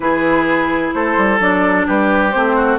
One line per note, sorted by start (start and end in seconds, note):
0.00 0.91 E3
0.00 1.39 E4
0.00 0.94 G#4
0.00 0.91 B4
0.93 1.17 A3
0.93 1.87 A4
0.93 1.40 C5
1.17 1.39 G3
1.39 1.86 F#3
1.39 2.32 D4
1.39 1.87 D5
1.87 2.35 G3
1.87 2.55 G4
1.87 2.31 B4
2.31 2.79 A3
2.31 2.79 C4
2.31 2.77 C5
2.55 2.79 F#4